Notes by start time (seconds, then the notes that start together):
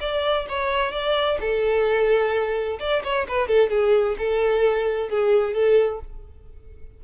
0.00 D5
0.49 C#5
0.92 D5
1.41 A4
2.79 D5
3.04 C#5
3.28 B4
3.48 A4
3.70 G#4
4.18 A4
5.09 G#4
5.54 A4